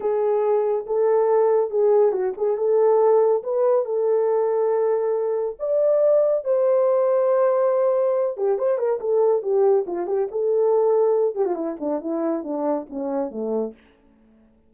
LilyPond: \new Staff \with { instrumentName = "horn" } { \time 4/4 \tempo 4 = 140 gis'2 a'2 | gis'4 fis'8 gis'8 a'2 | b'4 a'2.~ | a'4 d''2 c''4~ |
c''2.~ c''8 g'8 | c''8 ais'8 a'4 g'4 f'8 g'8 | a'2~ a'8 g'16 f'16 e'8 d'8 | e'4 d'4 cis'4 a4 | }